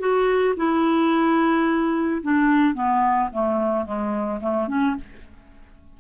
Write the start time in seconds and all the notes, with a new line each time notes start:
0.00 F#4
0.57 E4
2.23 D4
2.75 B3
3.33 A3
3.86 G#3
4.41 A3
4.68 C#4